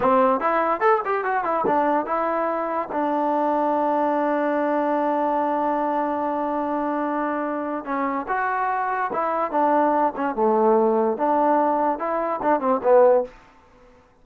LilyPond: \new Staff \with { instrumentName = "trombone" } { \time 4/4 \tempo 4 = 145 c'4 e'4 a'8 g'8 fis'8 e'8 | d'4 e'2 d'4~ | d'1~ | d'1~ |
d'2. cis'4 | fis'2 e'4 d'4~ | d'8 cis'8 a2 d'4~ | d'4 e'4 d'8 c'8 b4 | }